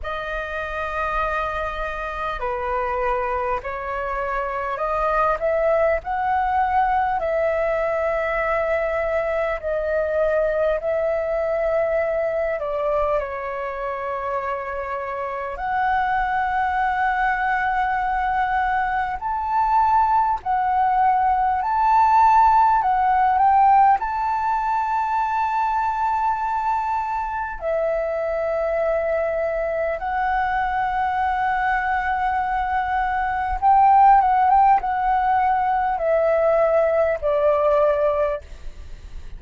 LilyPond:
\new Staff \with { instrumentName = "flute" } { \time 4/4 \tempo 4 = 50 dis''2 b'4 cis''4 | dis''8 e''8 fis''4 e''2 | dis''4 e''4. d''8 cis''4~ | cis''4 fis''2. |
a''4 fis''4 a''4 fis''8 g''8 | a''2. e''4~ | e''4 fis''2. | g''8 fis''16 g''16 fis''4 e''4 d''4 | }